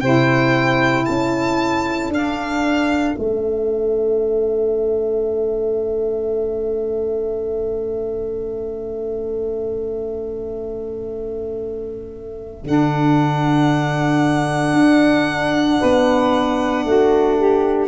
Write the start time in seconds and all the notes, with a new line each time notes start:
0.00 C3 E4 C5 G5
1.05 C#4 A4 A5
2.09 D4 F5
3.15 A3 C#4 E5
12.63 D3 D4 F#5
14.73 D4
15.79 B3 B4
16.84 A3 F#4
17.38 G4